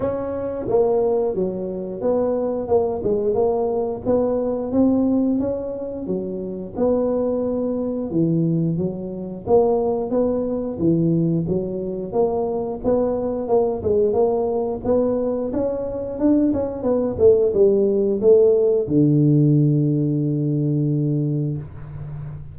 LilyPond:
\new Staff \with { instrumentName = "tuba" } { \time 4/4 \tempo 4 = 89 cis'4 ais4 fis4 b4 | ais8 gis8 ais4 b4 c'4 | cis'4 fis4 b2 | e4 fis4 ais4 b4 |
e4 fis4 ais4 b4 | ais8 gis8 ais4 b4 cis'4 | d'8 cis'8 b8 a8 g4 a4 | d1 | }